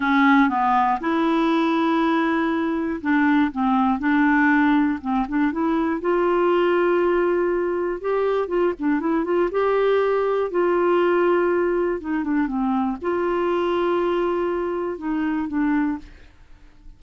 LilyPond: \new Staff \with { instrumentName = "clarinet" } { \time 4/4 \tempo 4 = 120 cis'4 b4 e'2~ | e'2 d'4 c'4 | d'2 c'8 d'8 e'4 | f'1 |
g'4 f'8 d'8 e'8 f'8 g'4~ | g'4 f'2. | dis'8 d'8 c'4 f'2~ | f'2 dis'4 d'4 | }